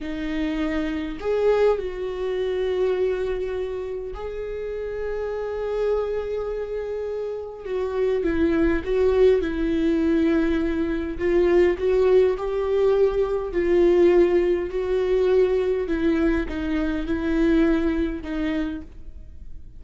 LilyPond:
\new Staff \with { instrumentName = "viola" } { \time 4/4 \tempo 4 = 102 dis'2 gis'4 fis'4~ | fis'2. gis'4~ | gis'1~ | gis'4 fis'4 e'4 fis'4 |
e'2. f'4 | fis'4 g'2 f'4~ | f'4 fis'2 e'4 | dis'4 e'2 dis'4 | }